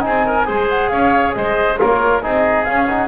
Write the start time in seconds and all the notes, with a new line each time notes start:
0.00 C4 D#4 G#4 G#5
0.26 A#4
0.45 G#3 G#4 C5
0.69 F#5
0.89 C#4 C#5 F5
1.34 G#3 C5 D#5
1.78 A#3 F4 A#4 C#5
2.22 C4 D#4 G#4 D#5
2.65 C#4 F5
2.86 D#4 F#5